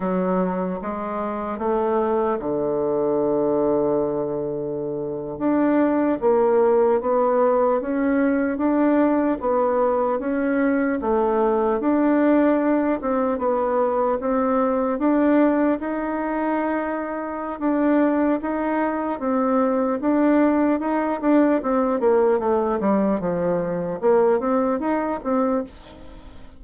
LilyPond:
\new Staff \with { instrumentName = "bassoon" } { \time 4/4 \tempo 4 = 75 fis4 gis4 a4 d4~ | d2~ d8. d'4 ais16~ | ais8. b4 cis'4 d'4 b16~ | b8. cis'4 a4 d'4~ d'16~ |
d'16 c'8 b4 c'4 d'4 dis'16~ | dis'2 d'4 dis'4 | c'4 d'4 dis'8 d'8 c'8 ais8 | a8 g8 f4 ais8 c'8 dis'8 c'8 | }